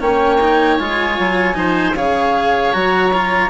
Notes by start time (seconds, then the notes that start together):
0.00 A#3 C#4 C#5 G5
0.41 D#4
0.77 G#3 F4 G#5
1.19 F#3
1.54 F3 D#4 C5
1.94 C#3 G#4 C#5 F5
2.72 F#3 F#4 A#5
3.13 F4